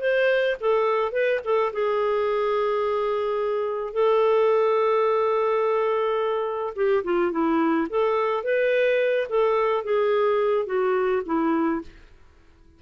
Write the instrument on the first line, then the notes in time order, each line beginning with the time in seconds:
clarinet
0.00 C5
0.60 A4
1.12 B4
1.44 A4
1.73 G#4
3.93 A4
6.75 G4
7.04 F4
7.32 E4
7.89 A4
8.43 B4
9.29 A4
9.84 G#4
10.66 F#4
11.25 E4